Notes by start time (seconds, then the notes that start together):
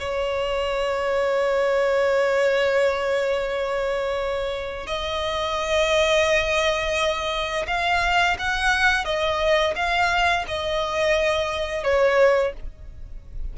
0.00 C#5
4.87 D#5
7.68 F5
8.39 F#5
9.05 D#5
9.76 F5
10.48 D#5
11.84 C#5